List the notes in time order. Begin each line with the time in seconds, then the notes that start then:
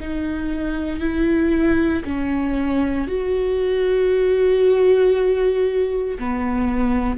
0.00 D#4
1.00 E4
2.05 C#4
3.08 F#4
6.19 B3